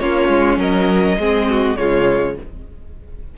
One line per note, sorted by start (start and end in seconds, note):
0.00 0.29 A#3
0.00 1.20 C#4
0.00 0.59 F4
0.00 0.59 C#5
0.29 0.58 G#3
0.58 1.17 F#3
0.58 1.18 A#4
0.58 1.77 D#5
1.18 1.77 G#3
1.18 1.78 C4
1.18 1.49 G#4
1.50 1.79 F#4
1.77 2.37 C#3
1.77 2.37 G#3
1.77 2.38 F4
1.77 2.35 C#5